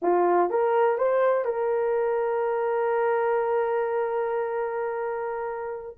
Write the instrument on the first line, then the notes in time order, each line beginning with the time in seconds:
horn
0.02 F4
0.50 A#4
0.98 C5
1.44 A#4